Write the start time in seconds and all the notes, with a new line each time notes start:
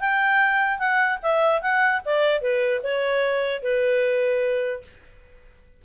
0.00 G5
0.79 F#5
1.22 E5
1.61 F#5
2.05 D5
2.41 B4
2.83 C#5
3.62 B4